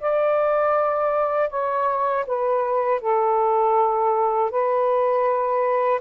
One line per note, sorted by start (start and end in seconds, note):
0.00 1.50 D5
1.50 2.25 C#5
2.26 3.00 B4
3.00 4.50 A4
4.50 6.00 B4